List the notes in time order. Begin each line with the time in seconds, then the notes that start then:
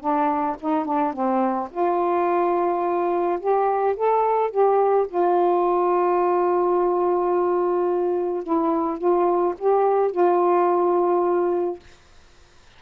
0.00 D4
0.60 D#4
0.85 D4
1.13 C4
1.71 F4
3.40 G4
3.96 A4
4.50 G4
5.08 F4
8.43 E4
8.98 F4
9.59 G4
10.11 F4